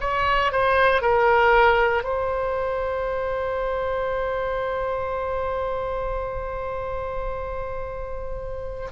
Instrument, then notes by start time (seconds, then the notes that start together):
oboe
0.00 C#5
0.52 C5
1.01 A#4
2.03 C5